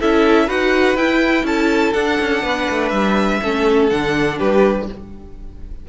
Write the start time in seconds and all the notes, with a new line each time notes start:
0.00 C#4 E4 A4 E5
0.46 D#4 F#4 B4 F#5
0.96 E4 G5
1.44 C#4 A4 A5
1.94 D4 F#5
2.21 C#4
2.43 B3 B4
2.71 A3
2.89 G3 E5
3.43 A3 C#4 A4
3.90 D3 D4 F#5
4.38 G3 G4 B4